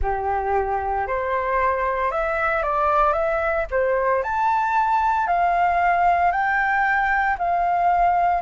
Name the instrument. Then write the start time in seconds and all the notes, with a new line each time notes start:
flute
0.02 G4
1.07 C5
2.11 E5
2.62 D5
3.12 E5
3.70 C5
4.23 A5
5.27 F5
6.31 G5
7.38 F5